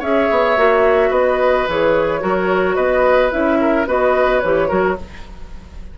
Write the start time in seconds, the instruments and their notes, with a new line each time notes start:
0.00 bassoon C#4, clarinet G#4, oboe C#5, flute E5
0.31 bassoon B3
0.57 bassoon A#3, clarinet F#4
1.11 bassoon B3, oboe B4, flute D#5
1.68 bassoon E3, clarinet G#4, flute C#5
2.21 bassoon F#3, clarinet F#4, oboe A#4
2.76 bassoon B3, oboe B4, flute D#5
3.31 bassoon C#4, clarinet E4, flute E5
3.61 oboe A#4
3.87 bassoon B3, clarinet F#4, oboe B4, flute D#5
4.39 bassoon E3, flute C#5
4.46 clarinet G4
4.69 bassoon F#3, clarinet F#4, oboe A#4